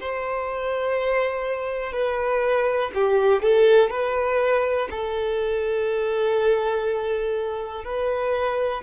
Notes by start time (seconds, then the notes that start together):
0.00 C5
1.92 B4
2.94 G4
3.42 A4
3.90 B4
4.90 A4
7.84 B4